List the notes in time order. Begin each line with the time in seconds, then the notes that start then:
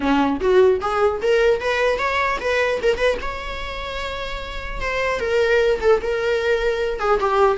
0.00 C#4
0.40 F#4
0.80 G#4
1.22 A#4
1.60 B4
1.98 C#5
2.40 B4
2.82 A#4
2.97 B4
3.21 C#5
4.80 C5
5.19 A#4
5.80 A4
6.01 A#4
6.99 G#4
7.20 G4